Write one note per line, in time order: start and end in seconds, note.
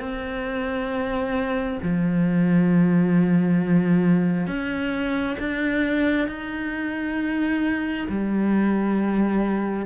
0.00 1.79 C4
1.82 4.47 F3
4.47 5.36 C#4
5.39 6.28 D4
6.28 8.07 D#4
8.09 9.86 G3